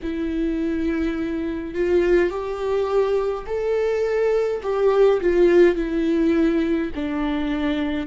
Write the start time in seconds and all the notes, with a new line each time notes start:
0.02 E4
1.74 F4
2.30 G4
3.46 A4
4.63 G4
5.20 F4
5.75 E4
6.94 D4